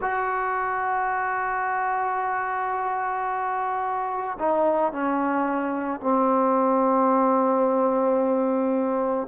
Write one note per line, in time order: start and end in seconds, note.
0.01 4.38 F#4
4.39 4.92 D#4
4.92 6.00 C#4
6.00 9.27 C4